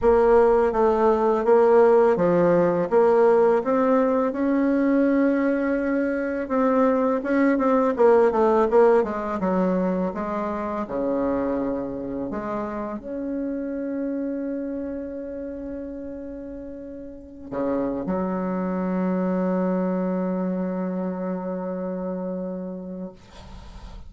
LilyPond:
\new Staff \with { instrumentName = "bassoon" } { \time 4/4 \tempo 4 = 83 ais4 a4 ais4 f4 | ais4 c'4 cis'2~ | cis'4 c'4 cis'8 c'8 ais8 a8 | ais8 gis8 fis4 gis4 cis4~ |
cis4 gis4 cis'2~ | cis'1~ | cis'16 cis8. fis2.~ | fis1 | }